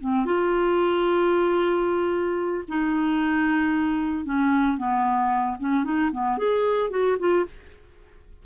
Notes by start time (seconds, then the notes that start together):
0.00 C4
0.25 F4
2.68 D#4
4.25 C#4
4.77 B3
5.59 C#4
5.84 D#4
6.11 B3
6.38 G#4
6.90 F#4
7.19 F4